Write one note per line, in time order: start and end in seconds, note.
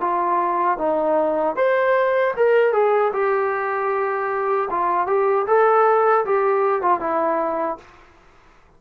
0.00 0.78 F4
0.78 1.55 D#4
1.55 2.33 C5
2.36 2.73 A#4
2.73 3.12 G#4
3.12 4.68 G4
4.70 5.06 F4
5.06 5.45 G4
5.47 6.24 A4
6.25 6.82 G4
6.82 7.00 F4
7.00 7.77 E4